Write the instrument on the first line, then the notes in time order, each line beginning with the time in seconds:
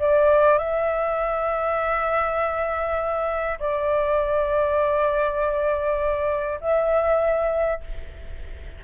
flute
0.00 D5
0.59 E5
3.60 D5
6.61 E5